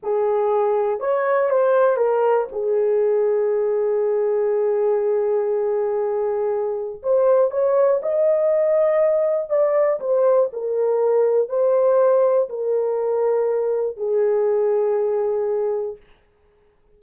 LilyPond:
\new Staff \with { instrumentName = "horn" } { \time 4/4 \tempo 4 = 120 gis'2 cis''4 c''4 | ais'4 gis'2.~ | gis'1~ | gis'2 c''4 cis''4 |
dis''2. d''4 | c''4 ais'2 c''4~ | c''4 ais'2. | gis'1 | }